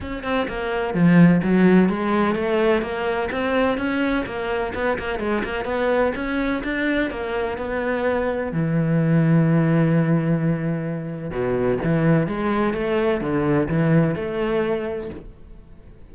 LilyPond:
\new Staff \with { instrumentName = "cello" } { \time 4/4 \tempo 4 = 127 cis'8 c'8 ais4 f4 fis4 | gis4 a4 ais4 c'4 | cis'4 ais4 b8 ais8 gis8 ais8 | b4 cis'4 d'4 ais4 |
b2 e2~ | e1 | b,4 e4 gis4 a4 | d4 e4 a2 | }